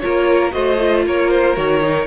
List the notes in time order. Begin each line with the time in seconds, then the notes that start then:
0.00 A#3 F4 A#4 C#5
0.52 A3 F#4 C5 D#5
0.80 F4
1.06 A#3 A#4 C#5
1.30 C5
1.56 D#3 F#4 C#5
1.81 D#4